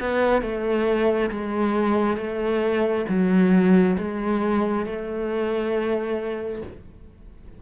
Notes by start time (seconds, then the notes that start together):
0.00 B3
0.43 A3
1.31 G#3
2.18 A3
3.09 F#3
3.98 G#3
4.86 A3